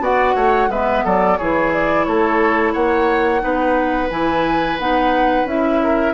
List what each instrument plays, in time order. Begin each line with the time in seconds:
0.00 bassoon B3, clarinet F#4, oboe D5, flute F#5
0.35 bassoon A3, oboe C#5
0.69 bassoon G#3, clarinet B3, oboe B4, flute E5
1.05 bassoon F#3, oboe A4, flute D5
1.37 bassoon E3, clarinet E4, oboe G#4, flute C#5
1.73 flute D5
2.05 bassoon A3, oboe A4, flute C#5
2.73 bassoon A#3, oboe C#5, flute F#5
3.40 bassoon B3, clarinet D#4, oboe B4
4.10 bassoon E3, clarinet E4, flute G#5
4.79 bassoon B3, clarinet D#4, flute F#5
5.45 bassoon C#4, clarinet E4, flute E5
5.83 oboe A#4